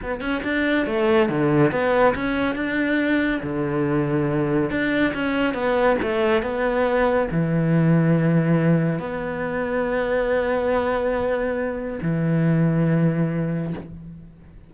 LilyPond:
\new Staff \with { instrumentName = "cello" } { \time 4/4 \tempo 4 = 140 b8 cis'8 d'4 a4 d4 | b4 cis'4 d'2 | d2. d'4 | cis'4 b4 a4 b4~ |
b4 e2.~ | e4 b2.~ | b1 | e1 | }